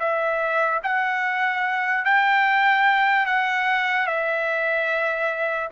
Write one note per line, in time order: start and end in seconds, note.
0.00 0.81 E5
0.83 2.05 F#5
2.05 3.27 G5
3.27 4.07 F#5
4.07 5.69 E5